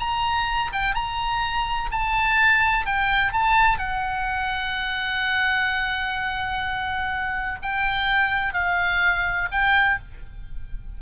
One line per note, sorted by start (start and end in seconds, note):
0.00 0.71 A#5
0.73 0.95 G5
0.95 1.90 A#5
1.91 2.86 A5
2.86 3.33 G5
3.33 3.78 A5
3.78 7.59 F#5
7.62 8.53 G5
8.53 9.49 F5
9.52 9.99 G5